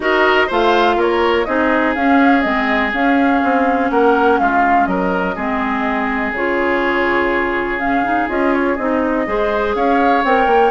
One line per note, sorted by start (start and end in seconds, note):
0.00 0.49 D#4
0.00 0.48 F#4
0.00 0.47 A#4
0.00 0.51 D#5
0.47 0.96 A3
0.47 1.46 F4
0.47 0.96 C5
0.47 1.00 F5
0.96 1.45 A#3
0.96 1.46 A#4
0.96 1.44 C#5
1.44 1.96 C4
1.44 1.95 D#4
1.44 3.91 G#4
1.44 1.93 D#5
1.94 2.44 C#4
1.94 2.42 C#4
1.94 2.41 F5
2.41 2.93 G#3
2.41 2.91 C4
2.41 2.90 D#5
2.93 3.41 C#4
2.93 5.37 C#4
2.93 3.90 F5
3.43 3.90 C4
3.90 4.39 A#3
3.90 4.40 A#4
3.90 4.39 F#5
4.39 4.86 G#3
4.39 4.88 F4
4.39 4.86 F5
4.86 5.35 F#3
4.86 5.35 A#4
4.86 6.32 D#5
5.35 6.32 G#3
5.35 6.34 C4
5.35 9.25 G#4
6.32 8.27 C#3
6.32 7.80 F4
6.32 7.79 C#5
7.79 8.03 C#4
7.79 8.28 F5
8.03 8.27 D#4
8.27 8.77 C#4
8.27 8.76 F4
8.27 8.53 D#5
8.53 8.76 C#5
8.76 9.26 C4
8.76 9.26 D#4
8.76 9.73 D#5
9.26 9.75 G#3
9.26 10.24 G#4
9.26 9.76 C5
9.75 10.23 C#4
9.75 10.71 C#5
9.75 10.23 F5
10.24 10.46 C4
10.24 10.71 A#4
10.24 10.71 G5
10.46 10.71 A#3